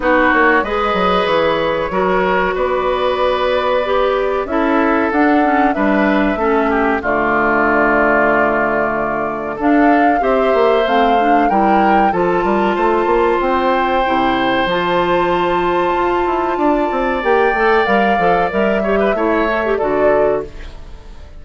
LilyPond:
<<
  \new Staff \with { instrumentName = "flute" } { \time 4/4 \tempo 4 = 94 b'8 cis''8 dis''4 cis''2 | d''2. e''4 | fis''4 e''2 d''4~ | d''2. f''4 |
e''4 f''4 g''4 a''4~ | a''4 g''2 a''4~ | a''2. g''4 | f''4 e''2 d''4 | }
  \new Staff \with { instrumentName = "oboe" } { \time 4/4 fis'4 b'2 ais'4 | b'2. a'4~ | a'4 b'4 a'8 g'8 f'4~ | f'2. a'4 |
c''2 ais'4 a'8 ais'8 | c''1~ | c''2 d''2~ | d''4. cis''16 b'16 cis''4 a'4 | }
  \new Staff \with { instrumentName = "clarinet" } { \time 4/4 dis'4 gis'2 fis'4~ | fis'2 g'4 e'4 | d'8 cis'8 d'4 cis'4 a4~ | a2. d'4 |
g'4 c'8 d'8 e'4 f'4~ | f'2 e'4 f'4~ | f'2. g'8 a'8 | ais'8 a'8 ais'8 g'8 e'8 a'16 g'16 fis'4 | }
  \new Staff \with { instrumentName = "bassoon" } { \time 4/4 b8 ais8 gis8 fis8 e4 fis4 | b2. cis'4 | d'4 g4 a4 d4~ | d2. d'4 |
c'8 ais8 a4 g4 f8 g8 | a8 ais8 c'4 c4 f4~ | f4 f'8 e'8 d'8 c'8 ais8 a8 | g8 f8 g4 a4 d4 | }
>>